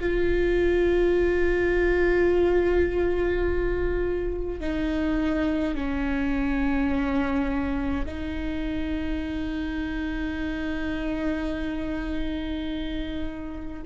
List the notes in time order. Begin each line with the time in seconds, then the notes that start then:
0.00 F4
4.60 D#4
5.75 C#4
8.06 D#4